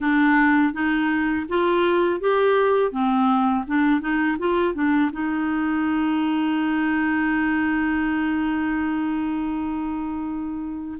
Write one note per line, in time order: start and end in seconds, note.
0.00 0.73 D4
0.73 1.46 D#4
1.48 2.20 F4
2.20 2.91 G4
2.91 3.65 C4
3.67 4.00 D4
4.00 4.37 D#4
4.39 4.74 F4
4.74 5.11 D4
5.12 10.98 D#4